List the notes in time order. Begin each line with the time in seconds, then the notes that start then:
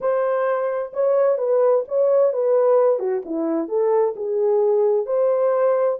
0.00 C5
0.93 C#5
1.38 B4
1.88 C#5
2.32 B4
2.99 F#4
3.25 E4
3.68 A4
4.16 G#4
5.06 C5